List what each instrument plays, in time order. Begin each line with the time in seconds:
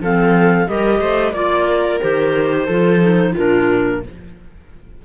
0.00 cello F3, clarinet C4 F5, viola A4
0.66 cello G3, clarinet G4 D#5, viola A#4
1.00 cello A3, viola C5
1.32 cello A#3, clarinet F4 D5, viola D5
1.67 viola A#4
2.00 cello D#3, clarinet G4 C5
2.65 cello F3, clarinet F4, viola A4
3.00 clarinet D#4
3.32 cello A#2, clarinet D4 A#4, viola F4